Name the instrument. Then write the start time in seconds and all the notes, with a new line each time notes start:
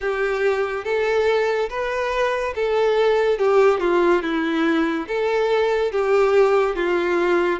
violin
0.00 G4
0.84 A4
1.69 B4
2.55 A4
3.38 G4
3.80 F4
4.22 E4
5.07 A4
5.91 G4
6.75 F4